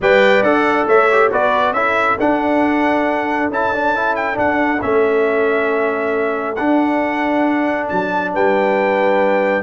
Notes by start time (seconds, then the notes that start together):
0.00 G3 B4 D5 G5
0.41 D4 A4 F#5
0.87 A3 C#5 E5
1.11 G4
1.31 B3 F#4 B4 D5
1.71 C#4 E4 A4 E5
2.19 D4 F#5
3.49 C#4 E4 A5
3.73 D4
3.95 E4
4.15 G5
4.33 D4 F#5
4.81 A3 C#4 E5
6.55 D4 F#5
7.87 F#3 A5
8.34 G3 B4 G5